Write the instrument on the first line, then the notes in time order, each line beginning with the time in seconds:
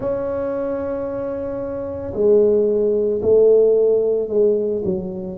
tuba
0.00 C#4
2.14 G#3
3.21 A3
4.29 G#3
4.85 F#3